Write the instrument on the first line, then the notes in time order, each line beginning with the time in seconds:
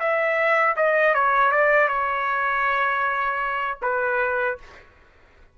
trumpet
0.00 E5
0.77 D#5
1.15 C#5
1.52 D5
1.88 C#5
3.83 B4